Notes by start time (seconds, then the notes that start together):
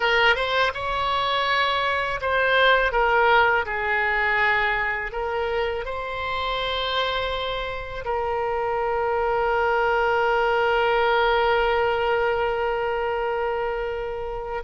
0.00 A#4
0.35 C5
0.74 C#5
2.21 C5
2.92 A#4
3.65 G#4
5.12 A#4
5.85 C5
8.05 A#4